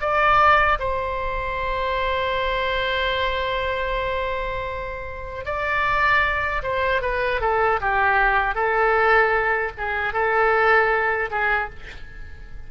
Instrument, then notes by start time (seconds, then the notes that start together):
oboe
0.00 D5
0.79 C5
5.45 D5
6.62 C5
7.01 B4
7.41 A4
7.80 G4
8.54 A4
9.77 G#4
10.13 A4
11.31 G#4